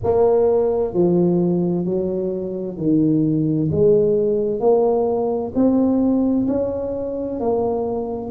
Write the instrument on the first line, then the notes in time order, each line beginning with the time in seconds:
tuba
0.03 A#3
0.93 F3
1.85 F#3
2.77 D#3
3.71 G#3
4.59 A#3
5.54 C4
6.47 C#4
7.40 A#3